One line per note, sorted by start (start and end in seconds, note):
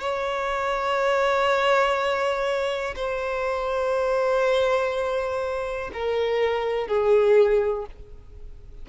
0.00 2.95 C#5
2.96 5.91 C5
5.93 6.88 A#4
6.88 7.86 G#4